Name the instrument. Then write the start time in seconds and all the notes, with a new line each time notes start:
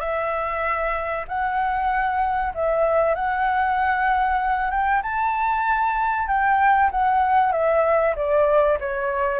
flute
0.00 E5
1.28 F#5
2.54 E5
3.14 F#5
4.71 G5
5.03 A5
6.28 G5
6.91 F#5
7.52 E5
8.16 D5
8.80 C#5